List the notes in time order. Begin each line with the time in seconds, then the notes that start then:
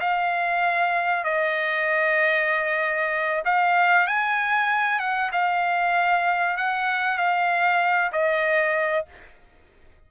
0.00 F5
1.24 D#5
3.45 F5
4.07 G#5
4.99 F#5
5.32 F5
6.57 F#5
7.17 F5
8.12 D#5